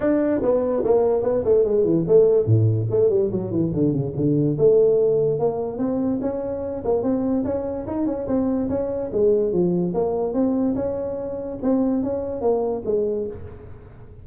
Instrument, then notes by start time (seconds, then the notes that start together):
tuba
0.00 D4
0.42 B3
0.84 A#3
1.22 B3
1.44 A3
1.64 G#3
1.84 E3
2.07 A3
2.46 A2
2.90 A3
3.09 G3
3.31 F#3
3.51 E3
3.73 D3
3.92 C#3
4.15 D3
4.57 A3
5.39 A#3
5.78 C4
6.21 C#4
6.84 A#3
7.02 C4
7.44 C#4
7.87 D#4
8.06 C#4
8.27 C4
8.69 C#4
9.12 G#3
9.52 F3
9.93 A#3
10.33 C4
10.75 C#4
11.62 C4
12.03 C#4
12.41 A#3
12.85 G#3